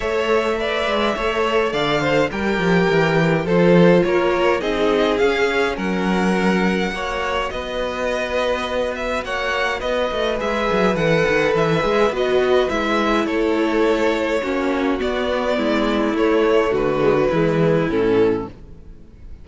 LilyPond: <<
  \new Staff \with { instrumentName = "violin" } { \time 4/4 \tempo 4 = 104 e''2. f''4 | g''2 c''4 cis''4 | dis''4 f''4 fis''2~ | fis''4 dis''2~ dis''8 e''8 |
fis''4 dis''4 e''4 fis''4 | e''4 dis''4 e''4 cis''4~ | cis''2 d''2 | cis''4 b'2 a'4 | }
  \new Staff \with { instrumentName = "violin" } { \time 4/4 cis''4 d''4 cis''4 d''8 c''8 | ais'2 a'4 ais'4 | gis'2 ais'2 | cis''4 b'2. |
cis''4 b'2.~ | b'2. a'4~ | a'4 fis'2 e'4~ | e'4 fis'4 e'2 | }
  \new Staff \with { instrumentName = "viola" } { \time 4/4 a'4 b'4 a'2 | g'2 f'2 | dis'4 cis'2. | fis'1~ |
fis'2 gis'4 a'4~ | a'8 gis'8 fis'4 e'2~ | e'4 cis'4 b2 | a4. gis16 fis16 gis4 cis'4 | }
  \new Staff \with { instrumentName = "cello" } { \time 4/4 a4. gis8 a4 d4 | g8 f8 e4 f4 ais4 | c'4 cis'4 fis2 | ais4 b2. |
ais4 b8 a8 gis8 fis8 e8 dis8 | e8 gis8 b4 gis4 a4~ | a4 ais4 b4 gis4 | a4 d4 e4 a,4 | }
>>